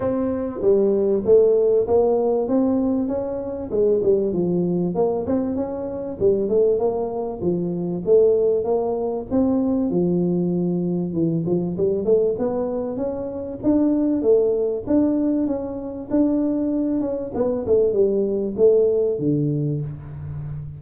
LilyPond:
\new Staff \with { instrumentName = "tuba" } { \time 4/4 \tempo 4 = 97 c'4 g4 a4 ais4 | c'4 cis'4 gis8 g8 f4 | ais8 c'8 cis'4 g8 a8 ais4 | f4 a4 ais4 c'4 |
f2 e8 f8 g8 a8 | b4 cis'4 d'4 a4 | d'4 cis'4 d'4. cis'8 | b8 a8 g4 a4 d4 | }